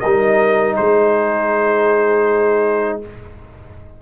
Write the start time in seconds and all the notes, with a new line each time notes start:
0.00 G3 D#4 A#4 D#5
0.76 G#3 G#4 C5